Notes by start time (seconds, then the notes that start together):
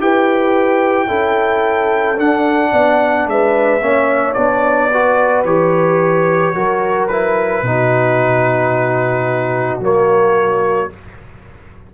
0.00 E4 G4 B4 G5
1.08 C#4 E4 A4
2.18 D4 F#5
2.72 B3 D5
3.27 G#3 B4 E5
3.81 A#3 C#4 C#5
4.34 B3 D4 D5
4.93 F#4 B4
5.45 E3 G4 C#5
6.55 F#3 F#4 A#4
7.08 E4 B4
7.63 B2 D#4 F#4
9.80 F#3 A#3 C#5